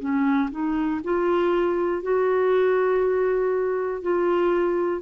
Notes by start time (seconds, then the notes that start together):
0.00 C#4
0.51 D#4
1.04 F4
2.03 F#4
4.02 F4